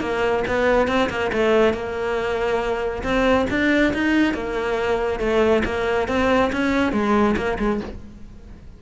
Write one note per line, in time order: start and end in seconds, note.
0.00 0.43 A#3
0.47 0.87 B3
0.87 1.09 C4
1.09 1.31 A#3
1.32 1.73 A3
1.73 3.03 A#3
3.03 3.46 C4
3.50 3.93 D4
3.93 4.33 D#4
4.33 5.19 A#3
5.19 5.63 A3
5.64 6.07 A#3
6.08 6.51 C4
6.52 6.92 C#4
6.92 7.35 G#3
7.36 7.58 A#3
7.59 7.80 G#3